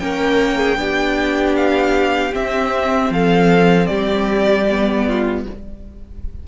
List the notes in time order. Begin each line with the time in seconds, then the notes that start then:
0.00 A#3 C#4 A#4 G5
0.58 G#4
0.77 B3 D4 G4
1.56 F5
2.33 C4 E5
3.10 F3 A4 F5
3.87 G3 G4 D5
4.70 B3
5.08 F4